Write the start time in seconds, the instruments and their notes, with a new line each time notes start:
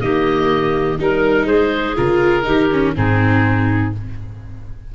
0.00 tuba D#3, viola A#3, clarinet G4, oboe D#5
0.98 tuba G3, viola D#4, clarinet A#4, oboe A#4
1.45 tuba G#3, clarinet G#4, oboe C5
1.96 tuba C#3, viola F4, oboe A#4
2.43 tuba D#3, viola D#4, clarinet G4
2.72 viola C#4
2.95 tuba G#2, viola C4, clarinet D#4, oboe G#4